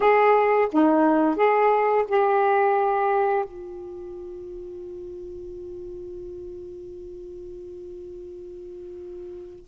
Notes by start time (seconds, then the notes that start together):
0.00 G#4
0.71 D#4
1.36 G#4
2.08 G4
3.45 F4